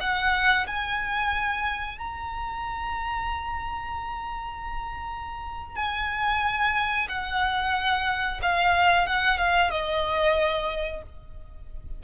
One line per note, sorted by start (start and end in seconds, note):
0.00 0.66 F#5
0.67 1.98 G#5
1.98 5.76 A#5
5.76 7.08 G#5
7.08 8.40 F#5
8.42 9.07 F5
9.07 9.38 F#5
9.38 9.70 F5
9.70 11.02 D#5